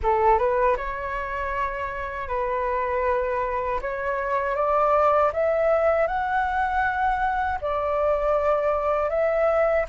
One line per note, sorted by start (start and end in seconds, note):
0.02 0.38 A4
0.38 0.76 B4
0.76 2.28 C#5
2.28 3.80 B4
3.81 4.55 C#5
4.55 5.31 D5
5.33 6.07 E5
6.07 7.58 F#5
7.61 9.09 D5
9.09 9.85 E5